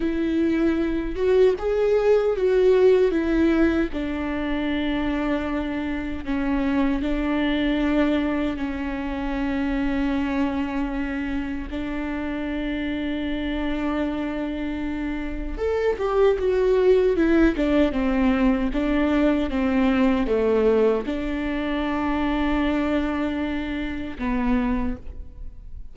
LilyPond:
\new Staff \with { instrumentName = "viola" } { \time 4/4 \tempo 4 = 77 e'4. fis'8 gis'4 fis'4 | e'4 d'2. | cis'4 d'2 cis'4~ | cis'2. d'4~ |
d'1 | a'8 g'8 fis'4 e'8 d'8 c'4 | d'4 c'4 a4 d'4~ | d'2. b4 | }